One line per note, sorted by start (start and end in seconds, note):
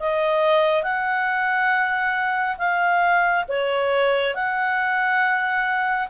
0.00 0.83 D#5
0.83 2.57 F#5
2.58 3.45 F5
3.48 4.35 C#5
4.35 6.09 F#5